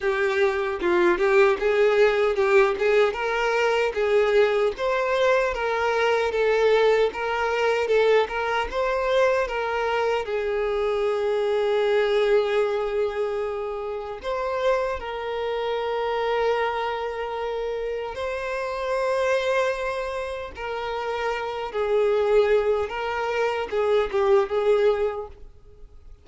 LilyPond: \new Staff \with { instrumentName = "violin" } { \time 4/4 \tempo 4 = 76 g'4 f'8 g'8 gis'4 g'8 gis'8 | ais'4 gis'4 c''4 ais'4 | a'4 ais'4 a'8 ais'8 c''4 | ais'4 gis'2.~ |
gis'2 c''4 ais'4~ | ais'2. c''4~ | c''2 ais'4. gis'8~ | gis'4 ais'4 gis'8 g'8 gis'4 | }